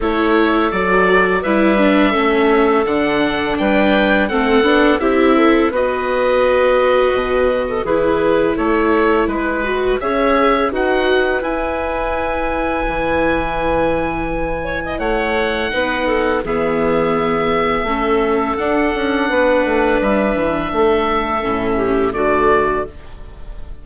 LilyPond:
<<
  \new Staff \with { instrumentName = "oboe" } { \time 4/4 \tempo 4 = 84 cis''4 d''4 e''2 | fis''4 g''4 fis''4 e''4 | dis''2. b'4 | cis''4 b'4 e''4 fis''4 |
gis''1~ | gis''4 fis''2 e''4~ | e''2 fis''2 | e''2. d''4 | }
  \new Staff \with { instrumentName = "clarinet" } { \time 4/4 a'2 b'4 a'4~ | a'4 b'4 a'4 g'8 a'8 | b'2~ b'8. a'16 gis'4 | a'4 b'4 cis''4 b'4~ |
b'1~ | b'8 cis''16 dis''16 cis''4 b'8 a'8 gis'4~ | gis'4 a'2 b'4~ | b'4 a'4. g'8 fis'4 | }
  \new Staff \with { instrumentName = "viola" } { \time 4/4 e'4 fis'4 e'8 d'8 cis'4 | d'2 c'8 d'8 e'4 | fis'2. e'4~ | e'4. fis'8 gis'4 fis'4 |
e'1~ | e'2 dis'4 b4~ | b4 cis'4 d'2~ | d'2 cis'4 a4 | }
  \new Staff \with { instrumentName = "bassoon" } { \time 4/4 a4 fis4 g4 a4 | d4 g4 a8 b8 c'4 | b2 b,4 e4 | a4 gis4 cis'4 dis'4 |
e'2 e2~ | e4 a4 b4 e4~ | e4 a4 d'8 cis'8 b8 a8 | g8 e8 a4 a,4 d4 | }
>>